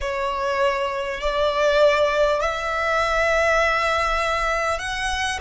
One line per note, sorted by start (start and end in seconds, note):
0.01 1.21 C#5
1.21 2.41 D5
2.41 4.78 E5
4.78 5.38 F#5